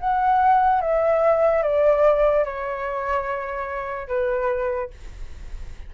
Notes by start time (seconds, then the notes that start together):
0.00 F#5
0.81 E5
1.63 D5
2.45 C#5
4.08 B4